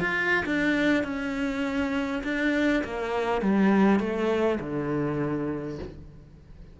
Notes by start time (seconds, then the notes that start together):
0.00 F4
0.46 D4
1.04 C#4
2.24 D4
2.84 A#3
3.42 G3
4.00 A3
4.60 D3